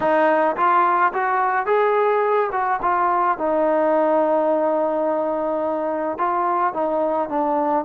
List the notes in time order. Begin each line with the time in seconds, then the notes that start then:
0.00 D#4
0.56 F4
1.13 F#4
1.65 G#4
2.52 F#4
2.82 F4
3.37 D#4
6.17 F4
6.73 D#4
7.29 D4